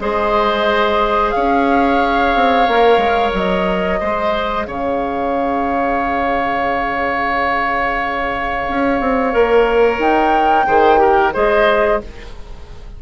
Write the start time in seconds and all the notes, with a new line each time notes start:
0.00 G#3 G#4 C5 D#5
1.31 C#4 C#5 F5
2.36 C4
2.68 A#3 A#4
2.98 G#3
3.34 F#3 D#5
4.00 G#3 G#4 C5
4.65 C#3 C#5 F5
8.69 C#4
9.01 C4
9.32 A#3 A#4
9.99 D#4 G5
10.67 D#3 G#4 C5
10.98 G4 A#4
11.34 G#3 G#4 C5 D#5